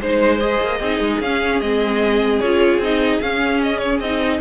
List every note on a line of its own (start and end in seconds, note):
0.00 0.60 G#3
0.00 0.39 D#4
0.00 0.40 C5
0.00 0.79 C5
0.39 0.79 G#4
0.39 1.20 D#5
0.61 0.79 A#3
0.79 0.99 C4
0.79 1.23 D#4
0.79 4.39 G#4
0.99 1.19 G#3
1.20 1.60 C#4
1.20 1.62 C#4
1.20 1.60 F5
1.60 2.40 G#3
1.60 2.42 C4
1.60 2.39 D#5
2.39 2.78 C#4
2.39 2.82 F4
2.39 2.79 C#5
2.78 3.18 C4
2.78 3.22 D#4
2.78 3.21 D#5
3.21 4.00 C#4
3.21 4.02 C#4
3.21 3.61 F5
3.62 3.78 D#5
3.78 3.98 C#5
4.00 4.40 C4
4.00 4.41 D#4
4.00 4.40 D#5